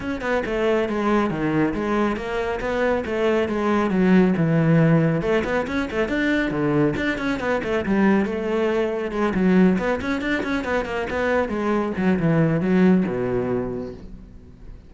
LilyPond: \new Staff \with { instrumentName = "cello" } { \time 4/4 \tempo 4 = 138 cis'8 b8 a4 gis4 dis4 | gis4 ais4 b4 a4 | gis4 fis4 e2 | a8 b8 cis'8 a8 d'4 d4 |
d'8 cis'8 b8 a8 g4 a4~ | a4 gis8 fis4 b8 cis'8 d'8 | cis'8 b8 ais8 b4 gis4 fis8 | e4 fis4 b,2 | }